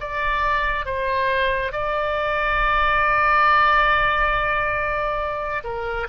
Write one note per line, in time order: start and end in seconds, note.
0.00 0.85 D5
0.85 1.72 C5
1.72 5.63 D5
5.64 6.07 A#4